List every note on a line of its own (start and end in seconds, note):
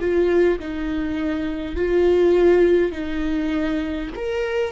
0.00 0.59 F4
0.59 1.76 D#4
1.76 2.92 F4
2.92 4.10 D#4
4.15 4.72 A#4